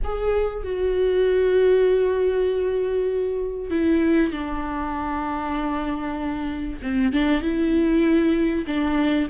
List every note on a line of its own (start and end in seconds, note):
0.04 0.63 G#4
0.63 3.70 F#4
3.70 4.32 E4
4.32 6.79 D4
6.82 7.12 C4
7.12 7.41 D4
7.41 8.65 E4
8.66 9.28 D4